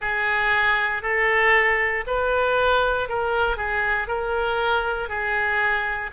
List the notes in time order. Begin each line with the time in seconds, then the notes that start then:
0.01 G#4
1.02 A4
2.07 B4
3.08 A#4
3.56 G#4
4.07 A#4
5.08 G#4